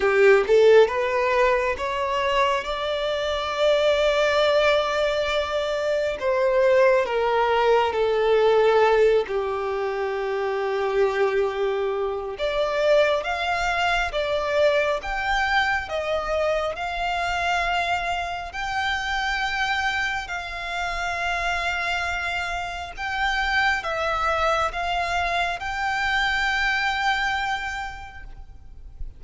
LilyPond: \new Staff \with { instrumentName = "violin" } { \time 4/4 \tempo 4 = 68 g'8 a'8 b'4 cis''4 d''4~ | d''2. c''4 | ais'4 a'4. g'4.~ | g'2 d''4 f''4 |
d''4 g''4 dis''4 f''4~ | f''4 g''2 f''4~ | f''2 g''4 e''4 | f''4 g''2. | }